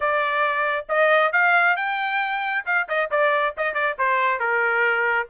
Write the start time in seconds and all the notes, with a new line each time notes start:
0.00 D5
0.88 D#5
1.32 F5
1.76 G5
2.65 F5
2.88 D#5
3.11 D5
3.57 D#5
3.74 D5
3.98 C5
4.39 A#4